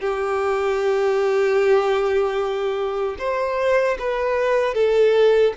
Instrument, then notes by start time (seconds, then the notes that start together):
violin
0.00 G4
3.18 C5
3.99 B4
4.74 A4